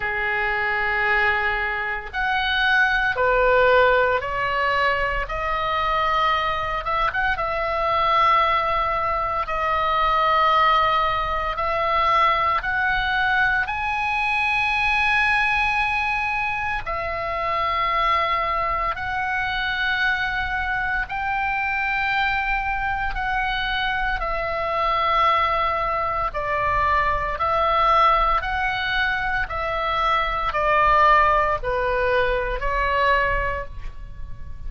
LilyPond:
\new Staff \with { instrumentName = "oboe" } { \time 4/4 \tempo 4 = 57 gis'2 fis''4 b'4 | cis''4 dis''4. e''16 fis''16 e''4~ | e''4 dis''2 e''4 | fis''4 gis''2. |
e''2 fis''2 | g''2 fis''4 e''4~ | e''4 d''4 e''4 fis''4 | e''4 d''4 b'4 cis''4 | }